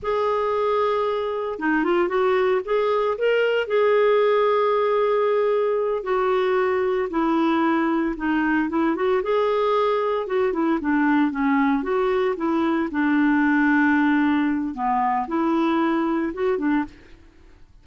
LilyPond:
\new Staff \with { instrumentName = "clarinet" } { \time 4/4 \tempo 4 = 114 gis'2. dis'8 f'8 | fis'4 gis'4 ais'4 gis'4~ | gis'2.~ gis'8 fis'8~ | fis'4. e'2 dis'8~ |
dis'8 e'8 fis'8 gis'2 fis'8 | e'8 d'4 cis'4 fis'4 e'8~ | e'8 d'2.~ d'8 | b4 e'2 fis'8 d'8 | }